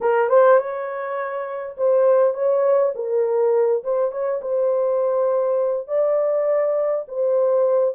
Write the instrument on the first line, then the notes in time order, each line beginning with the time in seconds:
horn
0.00 A#4
0.29 C5
0.59 C#5
1.77 C5
2.34 C#5
2.95 A#4
3.83 C5
4.11 C#5
4.41 C5
5.87 D5
7.07 C5